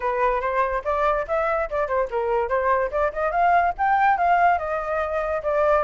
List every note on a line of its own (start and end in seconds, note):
0.00 0.40 B4
0.40 0.82 C5
0.84 1.26 D5
1.27 1.69 E5
1.70 1.87 D5
1.87 2.08 C5
2.10 2.48 A#4
2.48 2.90 C5
2.91 3.12 D5
3.12 3.31 D#5
3.31 3.73 F5
3.78 4.17 G5
4.17 4.58 F5
4.58 5.41 D#5
5.42 5.83 D5